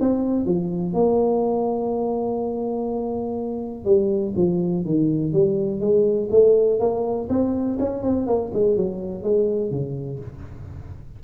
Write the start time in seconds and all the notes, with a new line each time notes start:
0.00 C4
0.46 F3
0.94 A#3
3.85 G3
4.36 F3
4.85 D#3
5.33 G3
5.80 G#3
6.31 A3
6.80 A#3
7.29 C4
7.79 C#4
8.03 C4
8.27 A#3
8.54 G#3
8.76 F#3
9.23 G#3
9.71 C#3